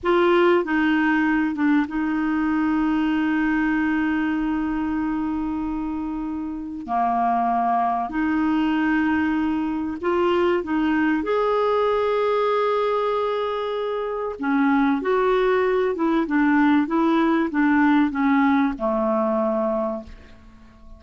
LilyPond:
\new Staff \with { instrumentName = "clarinet" } { \time 4/4 \tempo 4 = 96 f'4 dis'4. d'8 dis'4~ | dis'1~ | dis'2. ais4~ | ais4 dis'2. |
f'4 dis'4 gis'2~ | gis'2. cis'4 | fis'4. e'8 d'4 e'4 | d'4 cis'4 a2 | }